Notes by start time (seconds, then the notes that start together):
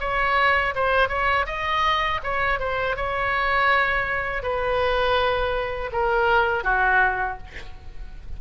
0.00 C#5
0.75 C5
1.08 C#5
1.46 D#5
2.23 C#5
2.60 C5
2.96 C#5
4.42 B4
5.92 A#4
6.64 F#4